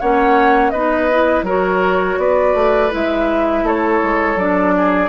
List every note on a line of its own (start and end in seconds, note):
0.00 0.73 A#3
0.00 0.74 C#4
0.00 0.72 C#5
0.00 0.70 F#5
0.70 1.43 B3
0.70 1.11 D#4
0.70 1.45 B4
0.70 1.43 D#5
1.11 1.46 E4
1.43 2.16 F#3
1.43 2.90 F#4
1.43 2.18 A#4
1.43 2.19 C#5
2.18 2.54 B3
2.18 3.65 B4
2.18 2.92 D5
2.54 2.91 A3
2.90 3.63 G#3
2.90 4.36 E4
2.90 3.68 E5
3.63 4.00 A3
3.63 4.75 A4
3.63 4.38 C#5
4.03 4.36 G#3
4.36 5.09 F#3
4.36 5.09 D4
4.36 5.09 D5
4.77 5.09 G#4